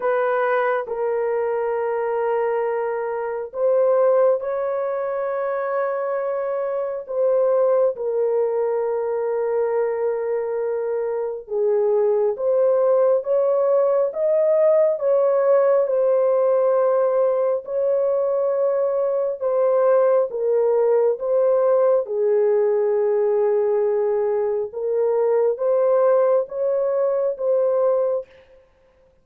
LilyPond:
\new Staff \with { instrumentName = "horn" } { \time 4/4 \tempo 4 = 68 b'4 ais'2. | c''4 cis''2. | c''4 ais'2.~ | ais'4 gis'4 c''4 cis''4 |
dis''4 cis''4 c''2 | cis''2 c''4 ais'4 | c''4 gis'2. | ais'4 c''4 cis''4 c''4 | }